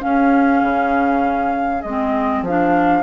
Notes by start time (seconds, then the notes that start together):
0.00 C#4 G#4 F5
0.62 C#3
1.82 G#3 D#5
1.88 C4
2.42 F3 F5
2.48 D4